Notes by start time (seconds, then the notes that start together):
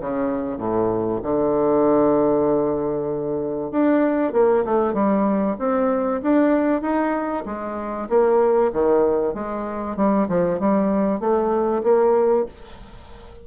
0.00 C#3
0.57 A2
1.22 D3
3.71 D4
4.33 A#3
4.64 A3
4.93 G3
5.59 C4
6.22 D4
6.81 D#4
7.45 G#3
8.09 A#3
8.73 D#3
9.34 G#3
9.96 G3
10.28 F3
10.59 G3
11.19 A3
11.83 A#3